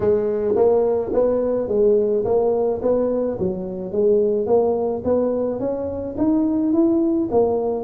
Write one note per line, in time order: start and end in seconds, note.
0.00 0.55 G#3
0.55 1.11 A#3
1.13 1.68 B3
1.68 2.24 G#3
2.24 2.80 A#3
2.81 3.37 B3
3.39 3.92 F#3
3.92 4.46 G#3
4.46 5.02 A#3
5.04 5.59 B3
5.59 6.15 C#4
6.17 6.72 D#4
6.72 7.28 E4
7.31 7.84 A#3